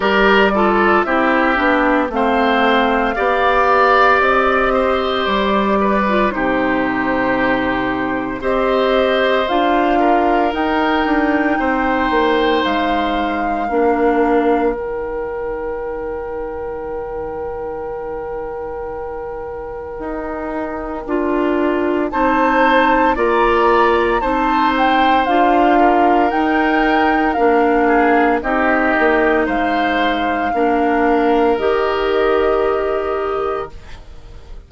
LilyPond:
<<
  \new Staff \with { instrumentName = "flute" } { \time 4/4 \tempo 4 = 57 d''4 e''4 f''2 | dis''4 d''4 c''2 | dis''4 f''4 g''2 | f''2 g''2~ |
g''1~ | g''4 a''4 ais''4 a''8 g''8 | f''4 g''4 f''4 dis''4 | f''2 dis''2 | }
  \new Staff \with { instrumentName = "oboe" } { \time 4/4 ais'8 a'8 g'4 c''4 d''4~ | d''8 c''4 b'8 g'2 | c''4. ais'4. c''4~ | c''4 ais'2.~ |
ais'1~ | ais'4 c''4 d''4 c''4~ | c''8 ais'2 gis'8 g'4 | c''4 ais'2. | }
  \new Staff \with { instrumentName = "clarinet" } { \time 4/4 g'8 f'8 e'8 d'8 c'4 g'4~ | g'4.~ g'16 f'16 dis'2 | g'4 f'4 dis'2~ | dis'4 d'4 dis'2~ |
dis'1 | f'4 dis'4 f'4 dis'4 | f'4 dis'4 d'4 dis'4~ | dis'4 d'4 g'2 | }
  \new Staff \with { instrumentName = "bassoon" } { \time 4/4 g4 c'8 b8 a4 b4 | c'4 g4 c2 | c'4 d'4 dis'8 d'8 c'8 ais8 | gis4 ais4 dis2~ |
dis2. dis'4 | d'4 c'4 ais4 c'4 | d'4 dis'4 ais4 c'8 ais8 | gis4 ais4 dis2 | }
>>